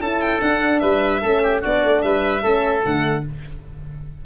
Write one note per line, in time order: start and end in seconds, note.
0.00 0.40 C#4
0.00 0.43 E4
0.00 0.82 A4
0.00 0.21 A5
0.21 0.41 G5
0.42 0.82 D4
0.42 1.23 D4
0.42 0.80 F#5
0.80 1.23 G3
0.80 1.22 B4
0.80 1.60 E5
1.22 1.64 A3
1.22 1.62 C#4
1.22 1.42 A4
1.43 1.61 G4
1.61 1.84 B3
1.61 2.42 D4
1.61 2.02 F#4
1.61 2.02 D5
1.84 2.04 A3
2.02 2.44 G3
2.02 2.43 B4
2.02 2.83 E5
2.43 2.85 A3
2.43 2.83 C#4
2.43 3.24 A4
2.85 3.26 D3
2.85 3.25 A3
2.85 3.26 F#5